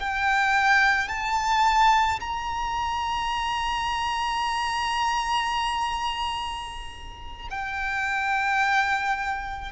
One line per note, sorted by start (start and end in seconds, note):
0.00 1.09 G5
1.09 2.20 A5
2.21 7.48 A#5
7.51 9.72 G5